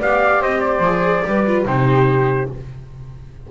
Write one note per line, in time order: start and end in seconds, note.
0.00 0.42 B3
0.00 0.84 G4
0.00 0.41 D5
0.00 0.43 F5
0.41 0.80 C4
0.41 1.25 C5
0.41 0.61 D#5
0.61 1.66 D5
0.80 1.22 F3
0.80 1.25 G#4
1.25 1.65 G3
1.25 1.46 G4
1.25 1.68 B4
1.47 1.67 F4
1.65 2.49 C3
1.65 2.51 D#4
1.65 2.52 G4
1.65 2.51 C5